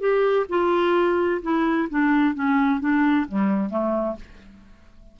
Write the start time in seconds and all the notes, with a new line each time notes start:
0.00 G4
0.49 F4
1.42 E4
1.90 D4
2.35 C#4
2.80 D4
3.29 G3
3.70 A3